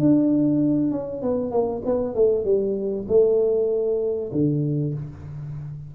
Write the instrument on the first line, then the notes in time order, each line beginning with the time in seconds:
tuba
0.00 D4
0.92 C#4
1.22 B3
1.51 A#3
1.85 B3
2.15 A3
2.45 G3
3.08 A3
4.32 D3